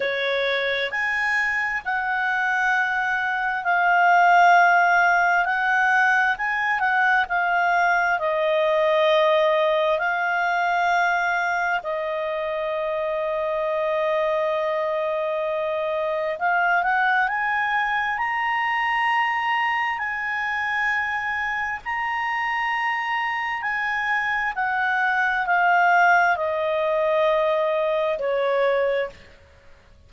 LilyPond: \new Staff \with { instrumentName = "clarinet" } { \time 4/4 \tempo 4 = 66 cis''4 gis''4 fis''2 | f''2 fis''4 gis''8 fis''8 | f''4 dis''2 f''4~ | f''4 dis''2.~ |
dis''2 f''8 fis''8 gis''4 | ais''2 gis''2 | ais''2 gis''4 fis''4 | f''4 dis''2 cis''4 | }